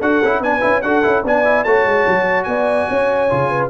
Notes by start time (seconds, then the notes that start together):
0.00 D4 F#4 A4 F#5
0.23 C#4 E4
0.40 B3 D4 B4 G#5
0.61 C#4 E4
0.82 D4 F#4 A4 F#5
1.03 C#4 E4
1.24 B3 D4 D5 G#5
1.45 E4
1.64 A3 F#4 C#5 A5
1.85 G#3
2.07 F#3
2.44 B3 D5 G#5
2.90 C#4 C#5
3.30 C#3 F4
3.50 B4